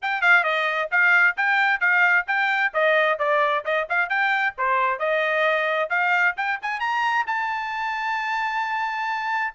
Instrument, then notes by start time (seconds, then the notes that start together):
trumpet
0.01 G5
0.21 F5
0.43 D#5
0.91 F5
1.36 G5
1.80 F5
2.27 G5
2.73 D#5
3.18 D5
3.64 D#5
3.89 F5
4.09 G5
4.57 C5
4.99 D#5
5.89 F5
6.36 G5
6.62 G#5
6.80 A#5
7.26 A5